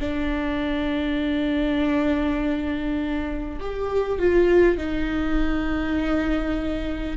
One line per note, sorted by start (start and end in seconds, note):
0.00 3.60 D4
3.60 4.19 G4
4.19 4.78 F4
4.78 7.17 D#4